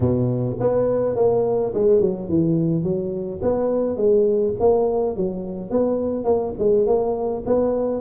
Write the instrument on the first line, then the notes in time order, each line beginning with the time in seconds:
tuba
0.00 B2
0.59 B3
1.15 A#3
1.74 G#3
2.00 F#3
2.28 E3
2.83 F#3
3.42 B3
3.96 G#3
4.59 A#3
5.16 F#3
5.70 B3
6.24 A#3
6.59 G#3
6.86 A#3
7.46 B3